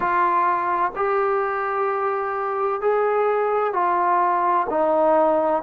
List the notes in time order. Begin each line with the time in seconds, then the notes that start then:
0.00 F4
0.95 G4
2.81 G#4
3.73 F4
4.69 D#4